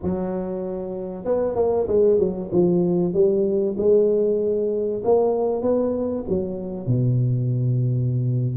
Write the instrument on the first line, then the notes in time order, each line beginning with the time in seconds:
tuba
0.02 F#3
1.24 B3
1.55 A#3
1.88 G#3
2.19 F#3
2.51 F3
3.13 G3
3.77 G#3
5.04 A#3
5.62 B3
6.28 F#3
6.87 B2